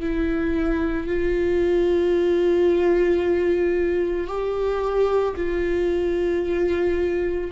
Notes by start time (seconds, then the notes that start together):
0.00 E4
1.07 F4
4.27 G4
5.36 F4